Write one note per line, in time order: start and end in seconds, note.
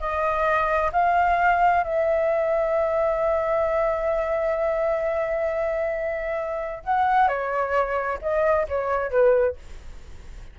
0.00 0.91 D#5
0.93 1.83 F5
1.84 6.84 E5
6.84 7.28 F#5
7.28 8.19 C#5
8.21 8.67 D#5
8.68 9.11 C#5
9.11 9.56 B4